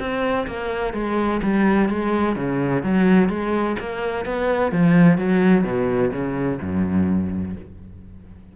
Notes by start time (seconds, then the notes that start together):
0.00 C4
0.47 A#3
0.94 G#3
1.43 G3
1.89 G#3
2.36 C#3
2.83 F#3
3.29 G#3
3.80 A#3
4.26 B3
4.72 F3
5.18 F#3
5.64 B2
6.12 C#3
6.62 F#2